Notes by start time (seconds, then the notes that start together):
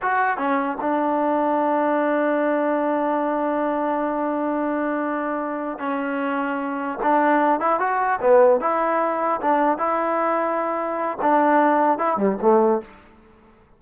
0.02 F#4
0.37 C#4
0.81 D4
5.79 C#4
7.02 D4
7.60 E4
7.79 F#4
8.21 B3
8.60 E4
9.41 D4
9.78 E4
11.21 D4
11.98 E4
12.16 G3
12.41 A3